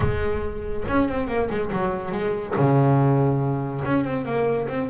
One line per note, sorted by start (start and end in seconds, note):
0.00 0.84 G#3
0.87 1.08 C#4
1.08 1.27 C4
1.27 1.48 A#3
1.50 1.71 G#3
1.72 2.11 F#3
2.11 2.54 G#3
2.56 3.83 C#3
3.84 4.04 C#4
4.04 4.25 C4
4.25 4.67 A#3
4.68 4.89 C4